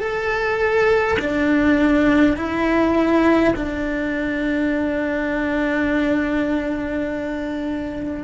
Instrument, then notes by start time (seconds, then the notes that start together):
cello
0.00 A4
1.19 D4
2.37 E4
3.56 D4